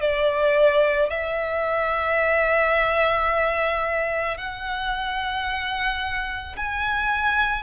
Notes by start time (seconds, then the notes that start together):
0.00 D5
1.10 E5
4.37 F#5
6.56 G#5